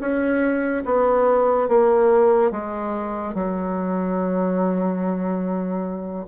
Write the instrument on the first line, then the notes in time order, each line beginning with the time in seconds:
bassoon
0.00 C#4
0.85 B3
1.68 A#3
2.51 G#3
3.34 F#3